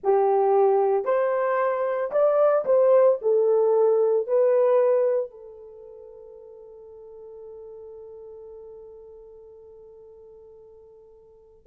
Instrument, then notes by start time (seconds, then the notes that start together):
horn
0.03 G4
1.05 C5
2.11 D5
2.65 C5
3.21 A4
4.27 B4
5.30 A4